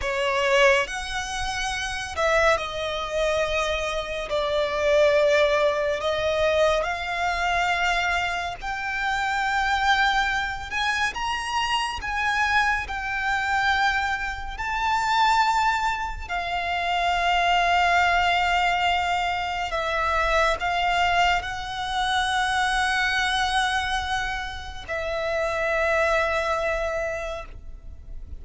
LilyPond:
\new Staff \with { instrumentName = "violin" } { \time 4/4 \tempo 4 = 70 cis''4 fis''4. e''8 dis''4~ | dis''4 d''2 dis''4 | f''2 g''2~ | g''8 gis''8 ais''4 gis''4 g''4~ |
g''4 a''2 f''4~ | f''2. e''4 | f''4 fis''2.~ | fis''4 e''2. | }